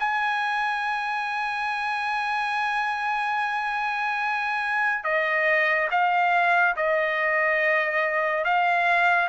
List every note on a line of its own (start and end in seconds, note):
0.00 5.04 G#5
5.04 5.89 D#5
5.91 6.76 F5
6.77 8.45 D#5
8.45 9.30 F5